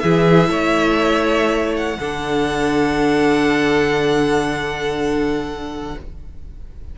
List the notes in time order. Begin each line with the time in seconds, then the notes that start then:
0.00 E3 E4 G#4 E5
0.50 A3 C#5
1.77 F#5
1.99 D3 D4 A4